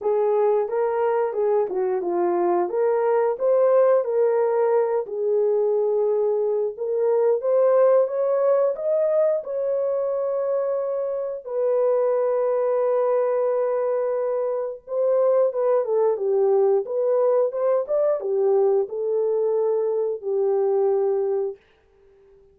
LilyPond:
\new Staff \with { instrumentName = "horn" } { \time 4/4 \tempo 4 = 89 gis'4 ais'4 gis'8 fis'8 f'4 | ais'4 c''4 ais'4. gis'8~ | gis'2 ais'4 c''4 | cis''4 dis''4 cis''2~ |
cis''4 b'2.~ | b'2 c''4 b'8 a'8 | g'4 b'4 c''8 d''8 g'4 | a'2 g'2 | }